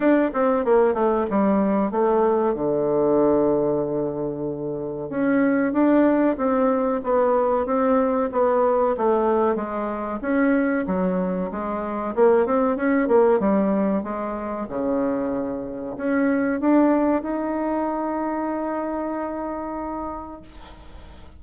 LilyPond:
\new Staff \with { instrumentName = "bassoon" } { \time 4/4 \tempo 4 = 94 d'8 c'8 ais8 a8 g4 a4 | d1 | cis'4 d'4 c'4 b4 | c'4 b4 a4 gis4 |
cis'4 fis4 gis4 ais8 c'8 | cis'8 ais8 g4 gis4 cis4~ | cis4 cis'4 d'4 dis'4~ | dis'1 | }